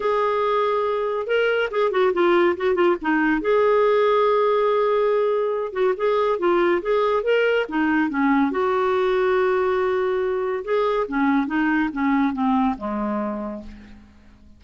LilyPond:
\new Staff \with { instrumentName = "clarinet" } { \time 4/4 \tempo 4 = 141 gis'2. ais'4 | gis'8 fis'8 f'4 fis'8 f'8 dis'4 | gis'1~ | gis'4. fis'8 gis'4 f'4 |
gis'4 ais'4 dis'4 cis'4 | fis'1~ | fis'4 gis'4 cis'4 dis'4 | cis'4 c'4 gis2 | }